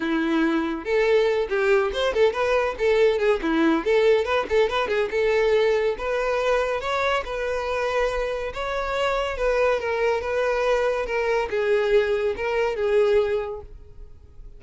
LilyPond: \new Staff \with { instrumentName = "violin" } { \time 4/4 \tempo 4 = 141 e'2 a'4. g'8~ | g'8 c''8 a'8 b'4 a'4 gis'8 | e'4 a'4 b'8 a'8 b'8 gis'8 | a'2 b'2 |
cis''4 b'2. | cis''2 b'4 ais'4 | b'2 ais'4 gis'4~ | gis'4 ais'4 gis'2 | }